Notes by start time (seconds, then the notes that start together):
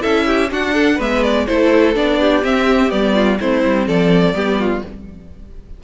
0.00 C#4 E4 A4 E5
0.26 G4
0.51 D4 F#4 F#5
0.73 A4
0.96 G#3 B3 B4 E5
1.23 D5
1.46 A3 E4 A4 C5
1.94 B3 D4 D5
2.19 G4
2.42 C4 E5
2.89 G3 B3 D5
3.14 F4
3.39 A3 C4 E4 C5
3.63 G3
3.86 F3 A4 D5
4.33 G3 B3 G4
4.59 F4